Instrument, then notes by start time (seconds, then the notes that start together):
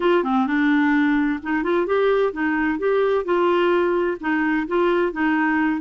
clarinet
0.00 F4
0.23 C4
0.46 D4
1.42 D#4
1.63 F4
1.86 G4
2.32 D#4
2.78 G4
3.24 F4
4.20 D#4
4.67 F4
5.12 D#4